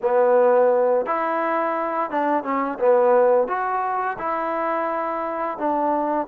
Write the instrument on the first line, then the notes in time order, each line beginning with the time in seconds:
trombone
0.02 B3
1.06 E4
2.10 D4
2.43 C#4
2.79 B3
3.47 F#4
4.18 E4
5.58 D4